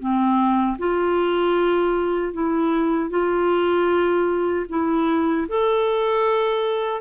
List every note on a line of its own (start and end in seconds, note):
0.00 0.78 C4
0.79 2.34 F4
2.34 3.11 E4
3.11 4.66 F4
4.70 5.48 E4
5.49 7.02 A4